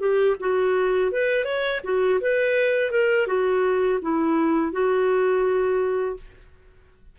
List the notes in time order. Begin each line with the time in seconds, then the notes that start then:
0.00 G4
0.40 F#4
1.12 B4
1.45 C#5
1.84 F#4
2.21 B4
2.91 A#4
3.28 F#4
4.02 E4
4.73 F#4